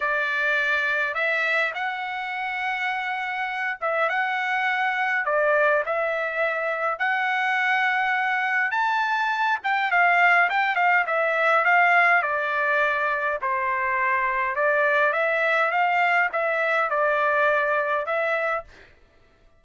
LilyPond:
\new Staff \with { instrumentName = "trumpet" } { \time 4/4 \tempo 4 = 103 d''2 e''4 fis''4~ | fis''2~ fis''8 e''8 fis''4~ | fis''4 d''4 e''2 | fis''2. a''4~ |
a''8 g''8 f''4 g''8 f''8 e''4 | f''4 d''2 c''4~ | c''4 d''4 e''4 f''4 | e''4 d''2 e''4 | }